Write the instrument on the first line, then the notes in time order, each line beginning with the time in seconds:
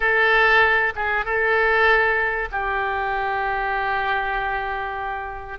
oboe
0.00 A4
0.95 G#4
1.25 A4
2.51 G4